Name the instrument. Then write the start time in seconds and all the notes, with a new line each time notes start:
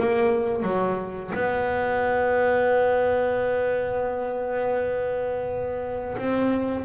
double bass
0.00 A#3
0.63 F#3
1.35 B3
6.18 C4